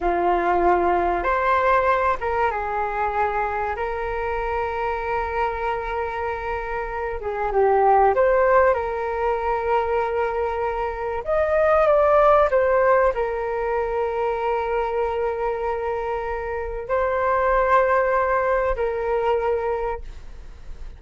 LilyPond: \new Staff \with { instrumentName = "flute" } { \time 4/4 \tempo 4 = 96 f'2 c''4. ais'8 | gis'2 ais'2~ | ais'2.~ ais'8 gis'8 | g'4 c''4 ais'2~ |
ais'2 dis''4 d''4 | c''4 ais'2.~ | ais'2. c''4~ | c''2 ais'2 | }